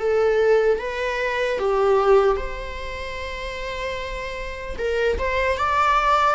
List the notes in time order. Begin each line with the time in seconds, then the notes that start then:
0.00 A4
0.79 B4
1.59 G4
2.36 C5
4.78 A#4
5.19 C5
5.58 D5